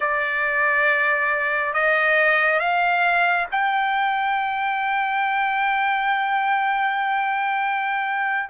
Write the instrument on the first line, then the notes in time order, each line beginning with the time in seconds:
trumpet
0.00 D5
1.74 D#5
2.59 F5
3.51 G5